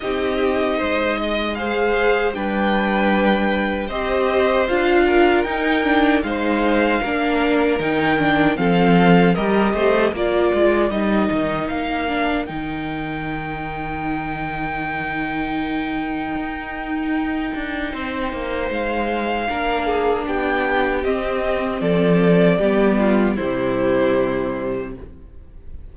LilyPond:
<<
  \new Staff \with { instrumentName = "violin" } { \time 4/4 \tempo 4 = 77 dis''2 f''4 g''4~ | g''4 dis''4 f''4 g''4 | f''2 g''4 f''4 | dis''4 d''4 dis''4 f''4 |
g''1~ | g''1 | f''2 g''4 dis''4 | d''2 c''2 | }
  \new Staff \with { instrumentName = "violin" } { \time 4/4 g'4 c''8 dis''8 c''4 b'4~ | b'4 c''4. ais'4. | c''4 ais'2 a'4 | ais'8 c''8 ais'2.~ |
ais'1~ | ais'2. c''4~ | c''4 ais'8 gis'8 g'2 | a'4 g'8 f'8 e'2 | }
  \new Staff \with { instrumentName = "viola" } { \time 4/4 dis'2 gis'4 d'4~ | d'4 g'4 f'4 dis'8 d'8 | dis'4 d'4 dis'8 d'8 c'4 | g'4 f'4 dis'4. d'8 |
dis'1~ | dis'1~ | dis'4 d'2 c'4~ | c'4 b4 g2 | }
  \new Staff \with { instrumentName = "cello" } { \time 4/4 c'4 gis2 g4~ | g4 c'4 d'4 dis'4 | gis4 ais4 dis4 f4 | g8 a8 ais8 gis8 g8 dis8 ais4 |
dis1~ | dis4 dis'4. d'8 c'8 ais8 | gis4 ais4 b4 c'4 | f4 g4 c2 | }
>>